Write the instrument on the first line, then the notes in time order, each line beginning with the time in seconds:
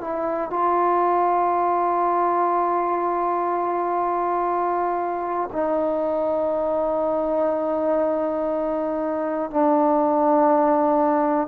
trombone
0.00 E4
0.50 F4
5.52 D#4
9.50 D4